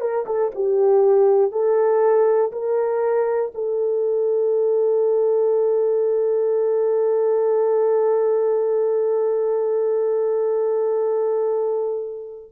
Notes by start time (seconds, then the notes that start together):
0.00 A#4
0.26 A4
0.55 G4
1.52 A4
2.52 A#4
3.55 A4